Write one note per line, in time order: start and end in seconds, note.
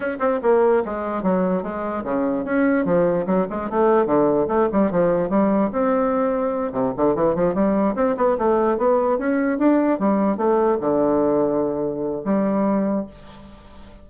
0.00 0.17 C#4
0.19 0.40 C4
0.42 0.83 A#3
0.85 1.22 G#3
1.22 1.62 F#3
1.62 2.03 G#3
2.04 2.44 C#3
2.45 2.85 C#4
2.85 3.26 F3
3.26 3.47 F#3
3.50 3.70 G#3
3.70 4.06 A3
4.06 4.47 D3
4.47 4.68 A3
4.72 4.91 G3
4.91 5.29 F3
5.29 5.70 G3
5.72 6.72 C4
6.72 6.92 C3
6.96 7.15 D3
7.15 7.35 E3
7.35 7.54 F3
7.54 7.95 G3
7.95 8.16 C4
8.17 8.37 B3
8.38 8.77 A3
8.77 9.18 B3
9.18 9.58 C#4
9.58 9.99 D4
9.99 10.37 G3
10.37 10.78 A3
10.80 12.23 D3
12.24 13.06 G3